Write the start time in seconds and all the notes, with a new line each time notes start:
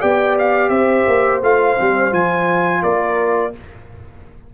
0.00 B3 G4 D5 G5
0.39 F5
0.70 C4 C5 E5
1.07 A#3
1.42 A3 F4 F5
1.77 G3 C4
2.12 F3 F4 G#5
2.83 A#3 A#4 D5